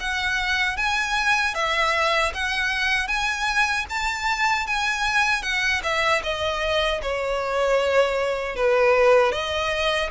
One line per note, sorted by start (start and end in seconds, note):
0.00 0.77 F#5
0.77 1.55 G#5
1.55 2.33 E5
2.34 3.08 F#5
3.08 3.86 G#5
3.90 4.67 A5
4.67 5.43 G#5
5.43 5.82 F#5
5.83 6.22 E5
6.23 7.01 D#5
7.02 8.56 C#5
8.56 9.32 B4
9.32 10.10 D#5